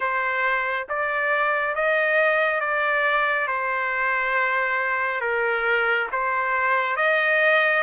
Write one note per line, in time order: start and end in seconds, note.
0.00 0.87 C5
0.88 1.75 D5
1.75 2.60 D#5
2.60 3.47 D5
3.47 5.20 C5
5.20 6.07 A#4
6.11 6.96 C5
6.96 7.83 D#5